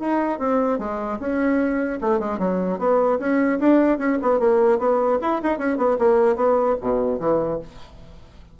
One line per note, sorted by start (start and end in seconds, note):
0.00 0.39 D#4
0.39 0.79 C4
0.79 1.19 G#3
1.20 2.00 C#4
2.02 2.20 A3
2.20 2.39 G#3
2.39 2.79 F#3
2.79 3.19 B3
3.19 3.59 C#4
3.60 3.99 D4
3.99 4.19 C#4
4.22 4.40 B3
4.40 4.79 A#3
4.79 5.19 B3
5.22 5.42 E4
5.43 5.59 D#4
5.59 5.78 C#4
5.78 5.98 B3
5.99 6.36 A#3
6.36 6.76 B3
6.81 7.20 B2
7.20 7.60 E3